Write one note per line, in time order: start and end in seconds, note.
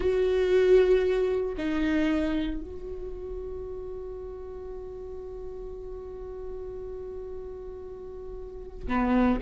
0.00 1.55 F#4
1.57 2.61 D#4
2.61 8.87 F#4
8.87 9.39 B3